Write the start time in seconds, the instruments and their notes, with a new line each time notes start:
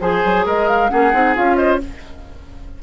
0.00 bassoon F3, clarinet G#4, oboe C5, flute G#5
0.25 bassoon F#3
0.46 bassoon G#3, oboe A#4, flute D#5
0.68 flute F5
0.89 bassoon A#3, clarinet C#4, oboe G#4, flute F#5
1.13 bassoon C4, clarinet D#4
1.35 bassoon C#4, clarinet F4, flute F5
1.56 oboe C5, flute D#5